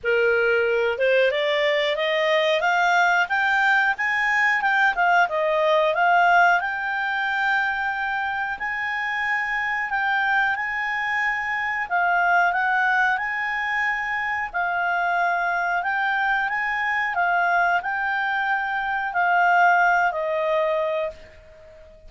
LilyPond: \new Staff \with { instrumentName = "clarinet" } { \time 4/4 \tempo 4 = 91 ais'4. c''8 d''4 dis''4 | f''4 g''4 gis''4 g''8 f''8 | dis''4 f''4 g''2~ | g''4 gis''2 g''4 |
gis''2 f''4 fis''4 | gis''2 f''2 | g''4 gis''4 f''4 g''4~ | g''4 f''4. dis''4. | }